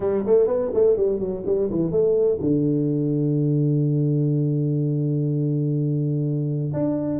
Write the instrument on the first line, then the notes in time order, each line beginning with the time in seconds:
tuba
0.00 G3
0.26 A3
0.47 B3
0.74 A3
0.96 G3
1.19 F#3
1.46 G3
1.70 E3
1.91 A3
2.40 D3
6.73 D4